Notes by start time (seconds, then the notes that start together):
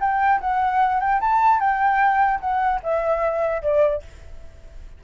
0.00 G5
0.40 F#5
1.00 G5
1.20 A5
1.60 G5
2.40 F#5
2.83 E5
3.62 D5